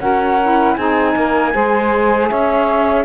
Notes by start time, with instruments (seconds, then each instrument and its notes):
0.00 cello C#4, saxophone F#4 A#4, flute F#5
0.42 saxophone E4
0.75 cello C4, saxophone D#4 G#4, flute G#5
1.16 cello A#3, saxophone A#4
1.53 cello G#3, saxophone G#4 C5
2.29 cello C#4, saxophone C#5, flute E5